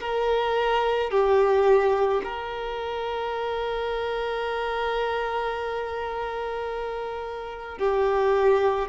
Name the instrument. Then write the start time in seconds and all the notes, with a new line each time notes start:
violin
0.00 A#4
1.11 G4
2.24 A#4
7.78 G4